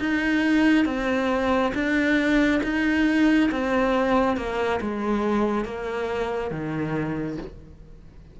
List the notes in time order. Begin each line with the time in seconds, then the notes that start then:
0.00 D#4
0.85 C4
1.74 D4
2.63 D#4
3.51 C4
4.37 A#3
4.81 G#3
5.65 A#3
6.51 D#3